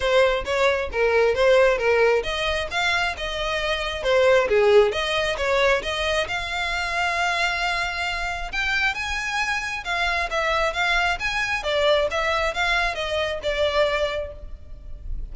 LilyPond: \new Staff \with { instrumentName = "violin" } { \time 4/4 \tempo 4 = 134 c''4 cis''4 ais'4 c''4 | ais'4 dis''4 f''4 dis''4~ | dis''4 c''4 gis'4 dis''4 | cis''4 dis''4 f''2~ |
f''2. g''4 | gis''2 f''4 e''4 | f''4 gis''4 d''4 e''4 | f''4 dis''4 d''2 | }